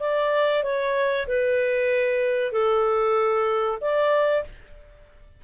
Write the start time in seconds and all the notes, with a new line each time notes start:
0.00 D5
0.63 C#5
1.27 B4
2.52 A4
3.81 D5